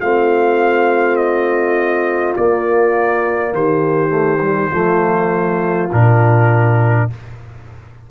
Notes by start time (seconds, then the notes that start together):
0.00 A3 C4 F4 F5
1.16 D#5
2.36 A#3 D5
3.53 D#3 G4 C5
4.09 A3
4.41 G3
4.71 F3 A3 F4
5.92 A#2 D4 A#4